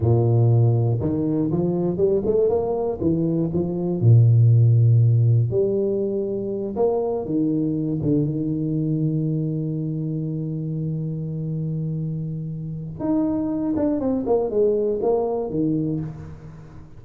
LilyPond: \new Staff \with { instrumentName = "tuba" } { \time 4/4 \tempo 4 = 120 ais,2 dis4 f4 | g8 a8 ais4 e4 f4 | ais,2. g4~ | g4. ais4 dis4. |
d8 dis2.~ dis8~ | dis1~ | dis2 dis'4. d'8 | c'8 ais8 gis4 ais4 dis4 | }